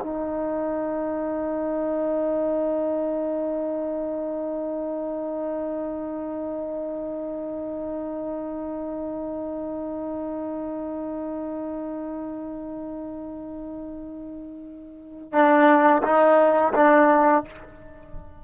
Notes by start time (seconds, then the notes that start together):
0.00 D#4
15.33 D4
16.03 D#4
16.74 D4